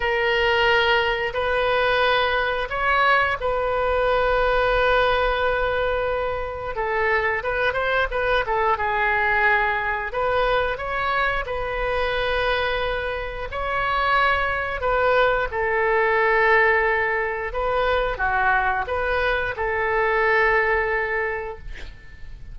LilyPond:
\new Staff \with { instrumentName = "oboe" } { \time 4/4 \tempo 4 = 89 ais'2 b'2 | cis''4 b'2.~ | b'2 a'4 b'8 c''8 | b'8 a'8 gis'2 b'4 |
cis''4 b'2. | cis''2 b'4 a'4~ | a'2 b'4 fis'4 | b'4 a'2. | }